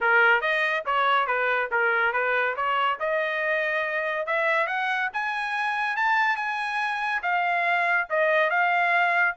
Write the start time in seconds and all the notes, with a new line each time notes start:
0.00 A#4
0.41 D#5
0.85 C#5
1.26 B4
1.71 A#4
2.13 B4
2.56 C#5
2.99 D#5
4.26 E5
4.67 F#5
5.13 G#5
5.96 A5
6.36 G#5
7.22 F5
8.09 D#5
8.50 F5